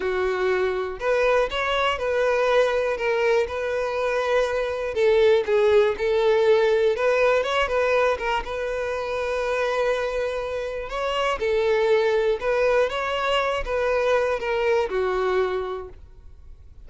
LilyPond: \new Staff \with { instrumentName = "violin" } { \time 4/4 \tempo 4 = 121 fis'2 b'4 cis''4 | b'2 ais'4 b'4~ | b'2 a'4 gis'4 | a'2 b'4 cis''8 b'8~ |
b'8 ais'8 b'2.~ | b'2 cis''4 a'4~ | a'4 b'4 cis''4. b'8~ | b'4 ais'4 fis'2 | }